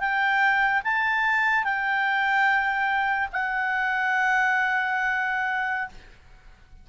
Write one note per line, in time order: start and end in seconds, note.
0.00 0.82 G5
0.84 1.64 A5
1.64 3.29 G5
3.33 5.89 F#5